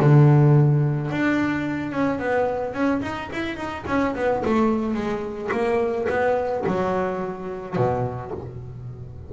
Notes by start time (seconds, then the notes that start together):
0.00 D3
1.11 D4
1.92 C#4
2.19 B3
2.74 C#4
3.02 D#4
3.33 E4
3.57 D#4
3.87 C#4
4.15 B3
4.45 A3
4.94 G#3
5.52 A#3
6.09 B3
6.67 F#3
7.76 B2